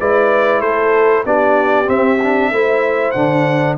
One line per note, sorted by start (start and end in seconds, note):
0.00 0.60 G#3
0.00 1.26 E4
0.00 0.61 B4
0.00 0.61 D5
0.60 1.23 A3
0.60 1.24 A4
0.60 1.24 C5
1.26 1.89 B3
1.26 1.85 D4
1.26 2.52 G4
1.26 1.89 D5
1.85 2.17 C4
1.85 2.51 C4
1.85 3.12 E5
2.23 2.53 D4
2.51 3.14 A3
2.51 3.16 E4
2.51 3.78 C5
3.12 3.78 D3
3.12 3.78 D4
3.12 3.75 F#5